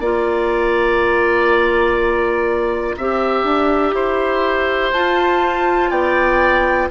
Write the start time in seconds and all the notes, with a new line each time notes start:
0.00 A#3 F4 D5 A#5
2.97 C4 G4 E5
3.43 D4
3.93 E4 C5
4.92 F4 A5
5.90 B3 D5 G5